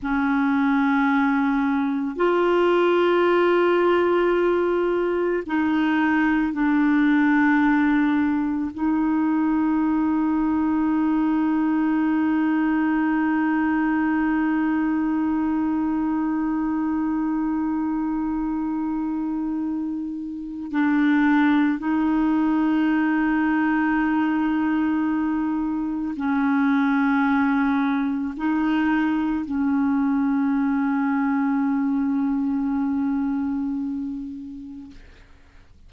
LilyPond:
\new Staff \with { instrumentName = "clarinet" } { \time 4/4 \tempo 4 = 55 cis'2 f'2~ | f'4 dis'4 d'2 | dis'1~ | dis'1~ |
dis'2. d'4 | dis'1 | cis'2 dis'4 cis'4~ | cis'1 | }